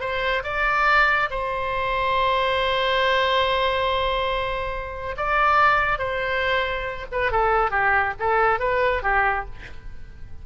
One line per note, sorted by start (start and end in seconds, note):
0.00 0.43 C5
0.43 1.29 D5
1.30 5.16 C5
5.17 5.98 D5
5.98 7.06 C5
7.12 7.31 B4
7.31 7.71 A4
7.71 8.14 G4
8.19 8.59 A4
8.59 9.02 B4
9.03 9.45 G4